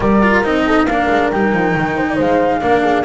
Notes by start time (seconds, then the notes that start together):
0.00 G3 G4 A#4 D5
0.22 F4
0.43 C4 D#4 D#5
0.66 A4
0.85 A#3 D4 A#4 F5
1.09 G#3
1.30 G3 D#4 G5
1.52 F3
1.74 D#3
1.95 C5
2.08 D5
2.15 G#3 C5 F5
2.60 A#3 D4 A#4
2.82 G#4